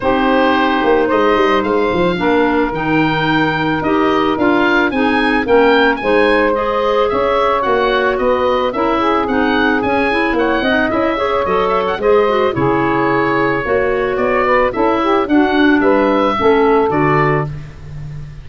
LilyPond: <<
  \new Staff \with { instrumentName = "oboe" } { \time 4/4 \tempo 4 = 110 c''2 dis''4 f''4~ | f''4 g''2 dis''4 | f''4 gis''4 g''4 gis''4 | dis''4 e''4 fis''4 dis''4 |
e''4 fis''4 gis''4 fis''4 | e''4 dis''8 e''16 fis''16 dis''4 cis''4~ | cis''2 d''4 e''4 | fis''4 e''2 d''4 | }
  \new Staff \with { instrumentName = "saxophone" } { \time 4/4 g'2 c''2 | ais'1~ | ais'4 gis'4 ais'4 c''4~ | c''4 cis''2 b'4 |
ais'8 gis'2~ gis'8 cis''8 dis''8~ | dis''8 cis''4. c''4 gis'4~ | gis'4 cis''4. b'8 a'8 g'8 | fis'4 b'4 a'2 | }
  \new Staff \with { instrumentName = "clarinet" } { \time 4/4 dis'1 | d'4 dis'2 g'4 | f'4 dis'4 cis'4 dis'4 | gis'2 fis'2 |
e'4 dis'4 cis'8 e'4 dis'8 | e'8 gis'8 a'4 gis'8 fis'8 e'4~ | e'4 fis'2 e'4 | d'2 cis'4 fis'4 | }
  \new Staff \with { instrumentName = "tuba" } { \time 4/4 c'4. ais8 gis8 g8 gis8 f8 | ais4 dis2 dis'4 | d'4 c'4 ais4 gis4~ | gis4 cis'4 ais4 b4 |
cis'4 c'4 cis'4 ais8 c'8 | cis'4 fis4 gis4 cis4~ | cis4 ais4 b4 cis'4 | d'4 g4 a4 d4 | }
>>